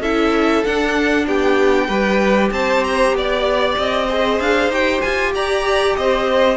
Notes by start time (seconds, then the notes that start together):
0.00 C#4 E4 A4 E5
0.64 D4 F#5
1.27 B3 G4 G5
1.88 G3 G4 B4
2.51 C4 C5 A5
2.83 A#5
3.12 B3 D5
3.78 C4 D#5
4.06 G#4 C5
4.40 D4 F5
4.68 D#4 G4 G5
5.01 F4 G#5
5.34 G4 D5 A#5
5.96 C4 C5 D#5